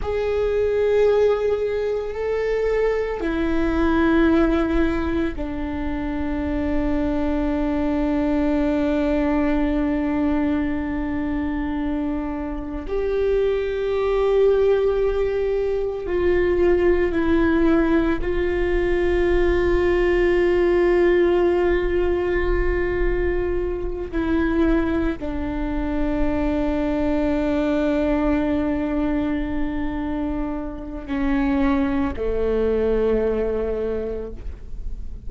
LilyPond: \new Staff \with { instrumentName = "viola" } { \time 4/4 \tempo 4 = 56 gis'2 a'4 e'4~ | e'4 d'2.~ | d'1 | g'2. f'4 |
e'4 f'2.~ | f'2~ f'8 e'4 d'8~ | d'1~ | d'4 cis'4 a2 | }